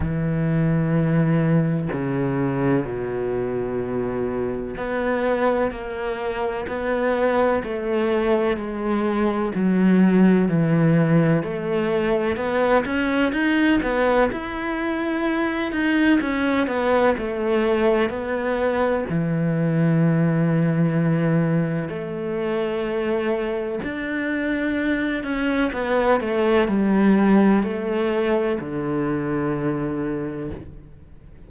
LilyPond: \new Staff \with { instrumentName = "cello" } { \time 4/4 \tempo 4 = 63 e2 cis4 b,4~ | b,4 b4 ais4 b4 | a4 gis4 fis4 e4 | a4 b8 cis'8 dis'8 b8 e'4~ |
e'8 dis'8 cis'8 b8 a4 b4 | e2. a4~ | a4 d'4. cis'8 b8 a8 | g4 a4 d2 | }